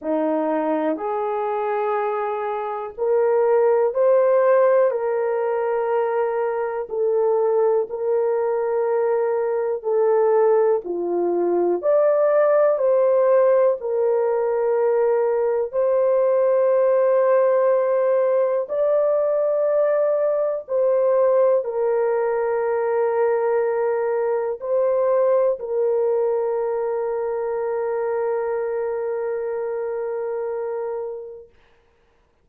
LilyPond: \new Staff \with { instrumentName = "horn" } { \time 4/4 \tempo 4 = 61 dis'4 gis'2 ais'4 | c''4 ais'2 a'4 | ais'2 a'4 f'4 | d''4 c''4 ais'2 |
c''2. d''4~ | d''4 c''4 ais'2~ | ais'4 c''4 ais'2~ | ais'1 | }